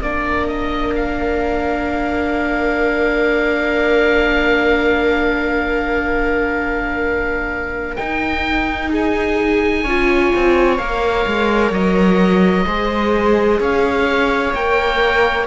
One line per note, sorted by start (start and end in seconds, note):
0.00 7.97 A#3
0.00 7.97 D4
0.00 8.90 A#4
0.00 0.47 D5
0.47 0.94 D#5
0.95 7.96 F5
7.96 9.85 D#4
7.96 9.84 D#4
7.96 8.89 G5
8.90 9.83 G#4
8.90 10.78 G#5
9.83 10.31 C#4
9.83 10.79 F4
9.83 12.65 C#5
10.36 10.79 C4
10.78 11.26 A#3
10.78 12.66 A#4
10.78 11.71 F5
11.26 11.71 G#3
11.71 12.65 F#3
11.71 13.61 D#5
12.66 13.60 G#3
12.66 14.54 G#4
12.66 13.60 C5
13.60 14.53 C#4
13.60 15.47 C#5
13.60 14.54 F5
14.54 15.47 A#3
14.54 15.47 A#4
14.54 15.47 G5